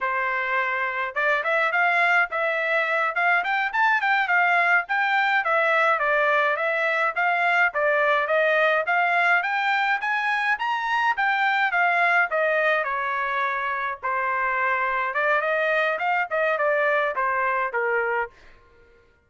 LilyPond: \new Staff \with { instrumentName = "trumpet" } { \time 4/4 \tempo 4 = 105 c''2 d''8 e''8 f''4 | e''4. f''8 g''8 a''8 g''8 f''8~ | f''8 g''4 e''4 d''4 e''8~ | e''8 f''4 d''4 dis''4 f''8~ |
f''8 g''4 gis''4 ais''4 g''8~ | g''8 f''4 dis''4 cis''4.~ | cis''8 c''2 d''8 dis''4 | f''8 dis''8 d''4 c''4 ais'4 | }